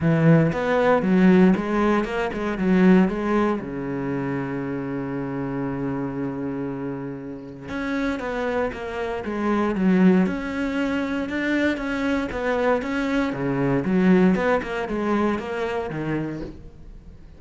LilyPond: \new Staff \with { instrumentName = "cello" } { \time 4/4 \tempo 4 = 117 e4 b4 fis4 gis4 | ais8 gis8 fis4 gis4 cis4~ | cis1~ | cis2. cis'4 |
b4 ais4 gis4 fis4 | cis'2 d'4 cis'4 | b4 cis'4 cis4 fis4 | b8 ais8 gis4 ais4 dis4 | }